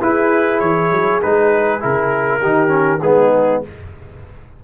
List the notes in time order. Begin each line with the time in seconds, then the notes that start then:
0.00 E4 G#4 B4
0.59 E3 C#5
0.91 F#3
1.22 G#3 D#4 B4
1.80 C#3 E4 A#4
2.40 D#3 D#4 G4
2.68 C#4
3.02 G#3 B3 D#4 G#4